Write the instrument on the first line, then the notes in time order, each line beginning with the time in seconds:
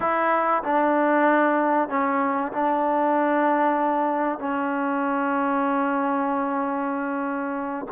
trombone
0.00 E4
0.63 D4
1.89 C#4
2.52 D4
4.38 C#4